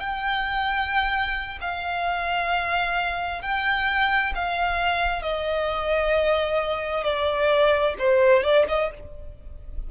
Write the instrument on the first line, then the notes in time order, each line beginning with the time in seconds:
violin
0.00 G5
1.62 F5
3.42 G5
4.36 F5
5.23 D#5
7.04 D5
7.99 C5
8.43 D5
8.68 D#5